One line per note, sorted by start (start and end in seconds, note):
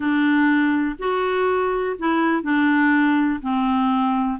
0.00 0.96 D4
0.98 1.96 F#4
1.98 2.43 E4
2.43 3.40 D4
3.41 4.39 C4